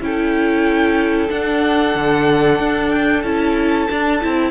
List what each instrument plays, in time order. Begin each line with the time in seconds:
0.00 cello C#4, viola E4, violin A4 G5
1.28 viola D4, cello D4, violin F#5
1.95 cello D3
2.59 cello D4
2.90 violin G5
3.22 cello C#4, viola E4, violin A5
3.89 viola D4, cello D4
4.21 cello C4, viola E4